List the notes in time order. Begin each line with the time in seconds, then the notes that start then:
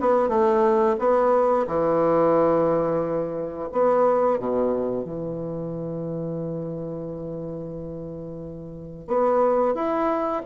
0.00 B3
0.28 A3
0.99 B3
1.67 E3
3.72 B3
4.39 B2
5.04 E3
9.07 B3
9.74 E4